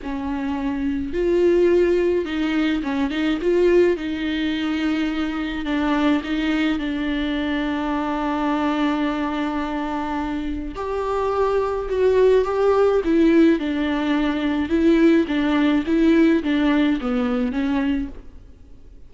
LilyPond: \new Staff \with { instrumentName = "viola" } { \time 4/4 \tempo 4 = 106 cis'2 f'2 | dis'4 cis'8 dis'8 f'4 dis'4~ | dis'2 d'4 dis'4 | d'1~ |
d'2. g'4~ | g'4 fis'4 g'4 e'4 | d'2 e'4 d'4 | e'4 d'4 b4 cis'4 | }